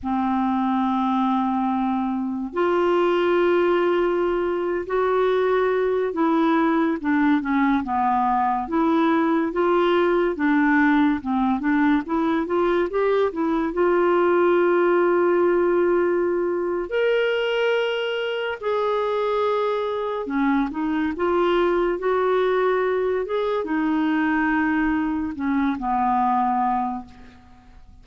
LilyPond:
\new Staff \with { instrumentName = "clarinet" } { \time 4/4 \tempo 4 = 71 c'2. f'4~ | f'4.~ f'16 fis'4. e'8.~ | e'16 d'8 cis'8 b4 e'4 f'8.~ | f'16 d'4 c'8 d'8 e'8 f'8 g'8 e'16~ |
e'16 f'2.~ f'8. | ais'2 gis'2 | cis'8 dis'8 f'4 fis'4. gis'8 | dis'2 cis'8 b4. | }